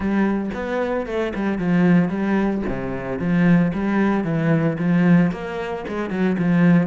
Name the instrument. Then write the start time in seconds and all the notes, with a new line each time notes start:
cello
0.00 G3
0.53 B3
1.06 A3
1.35 G3
1.58 F3
2.08 G3
2.68 C3
3.19 F3
3.73 G3
4.24 E3
4.78 F3
5.31 A#3
5.88 G#3
6.09 F#3
6.38 F3